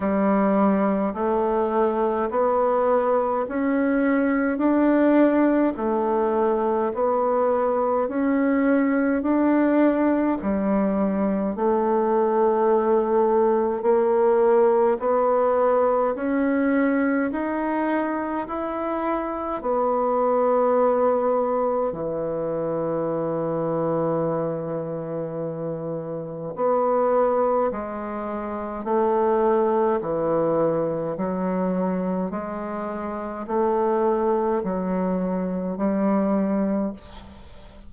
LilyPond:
\new Staff \with { instrumentName = "bassoon" } { \time 4/4 \tempo 4 = 52 g4 a4 b4 cis'4 | d'4 a4 b4 cis'4 | d'4 g4 a2 | ais4 b4 cis'4 dis'4 |
e'4 b2 e4~ | e2. b4 | gis4 a4 e4 fis4 | gis4 a4 fis4 g4 | }